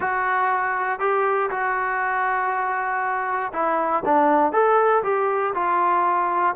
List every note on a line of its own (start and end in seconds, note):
0.00 0.99 F#4
0.99 1.49 G4
1.50 3.52 F#4
3.52 4.03 E4
4.05 4.52 D4
4.52 5.02 A4
5.03 5.53 G4
5.54 6.55 F4